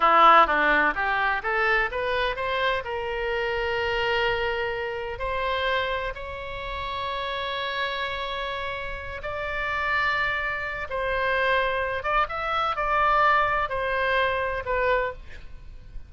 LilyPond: \new Staff \with { instrumentName = "oboe" } { \time 4/4 \tempo 4 = 127 e'4 d'4 g'4 a'4 | b'4 c''4 ais'2~ | ais'2. c''4~ | c''4 cis''2.~ |
cis''2.~ cis''8 d''8~ | d''2. c''4~ | c''4. d''8 e''4 d''4~ | d''4 c''2 b'4 | }